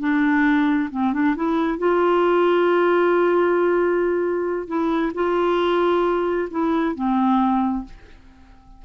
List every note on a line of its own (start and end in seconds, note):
0.00 0.90 D4
0.91 1.13 C4
1.13 1.35 D4
1.36 1.78 E4
1.78 4.68 F4
4.68 5.12 E4
5.14 6.49 F4
6.51 6.95 E4
6.95 7.85 C4